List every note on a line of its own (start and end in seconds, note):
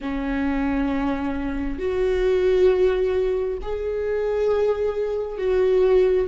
0.00 1.78 C#4
1.78 3.57 F#4
3.61 5.37 G#4
5.37 6.27 F#4